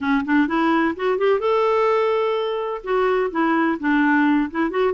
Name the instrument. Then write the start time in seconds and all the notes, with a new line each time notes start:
clarinet
0.01 C#4
0.25 D4
0.47 E4
0.96 F#4
1.18 G4
1.39 A4
2.83 F#4
3.30 E4
3.79 D4
4.51 E4
4.70 F#4